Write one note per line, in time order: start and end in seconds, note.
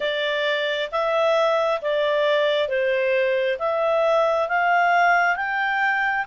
0.00 0.90 D5
0.91 1.81 E5
1.82 2.68 D5
2.68 3.57 C5
3.59 4.48 E5
4.48 5.35 F5
5.35 6.25 G5